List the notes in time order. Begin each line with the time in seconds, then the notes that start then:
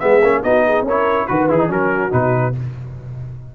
0.00 G#3 B3 G#4 E5
0.23 A#3 C#4
0.43 B3 D#4 F#4 D#5
0.68 G#4
0.83 C#4 A#4 C#5
0.89 E4
1.28 D#3 F#4 B4
1.49 E3 E4 G#4
1.59 D#4
1.69 F#3 C#4 F#4 A#4
2.11 B2 D#4 B4